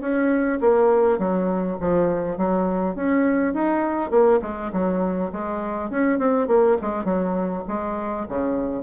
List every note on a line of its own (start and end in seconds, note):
0.00 0.59 C#4
0.60 1.18 A#3
1.18 1.77 F#3
1.80 2.37 F3
2.37 2.95 F#3
2.95 3.53 C#4
3.53 4.10 D#4
4.10 4.40 A#3
4.41 4.71 G#3
4.72 5.31 F#3
5.32 5.90 G#3
5.90 6.18 C#4
6.18 6.47 C4
6.47 6.77 A#3
6.81 7.04 G#3
7.04 7.63 F#3
7.68 8.26 G#3
8.28 8.83 C#3